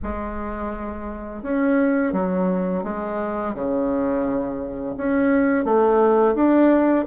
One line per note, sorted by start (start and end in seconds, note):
0.03 1.42 G#3
1.42 2.12 C#4
2.12 2.83 F#3
2.83 3.54 G#3
3.54 4.95 C#3
4.97 5.65 C#4
5.65 6.34 A3
6.34 7.05 D4